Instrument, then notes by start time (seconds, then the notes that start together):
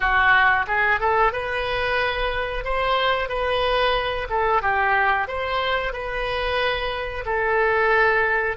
oboe
0.00 F#4
0.67 G#4
1.00 A4
1.32 B4
2.64 C5
3.28 B4
4.29 A4
4.62 G4
5.27 C5
5.92 B4
7.25 A4